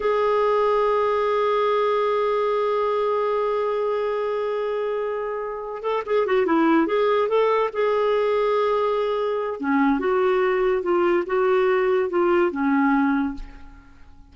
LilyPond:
\new Staff \with { instrumentName = "clarinet" } { \time 4/4 \tempo 4 = 144 gis'1~ | gis'1~ | gis'1~ | gis'2 a'8 gis'8 fis'8 e'8~ |
e'8 gis'4 a'4 gis'4.~ | gis'2. cis'4 | fis'2 f'4 fis'4~ | fis'4 f'4 cis'2 | }